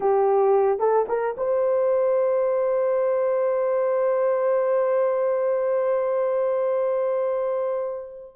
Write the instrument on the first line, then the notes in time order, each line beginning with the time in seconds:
horn
0.00 G4
0.79 A4
1.08 A#4
1.37 C5